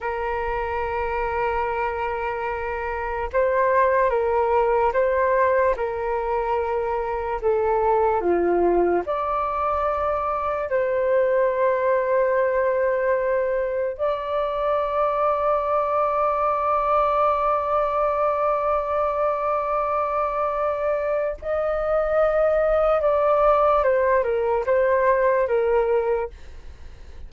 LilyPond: \new Staff \with { instrumentName = "flute" } { \time 4/4 \tempo 4 = 73 ais'1 | c''4 ais'4 c''4 ais'4~ | ais'4 a'4 f'4 d''4~ | d''4 c''2.~ |
c''4 d''2.~ | d''1~ | d''2 dis''2 | d''4 c''8 ais'8 c''4 ais'4 | }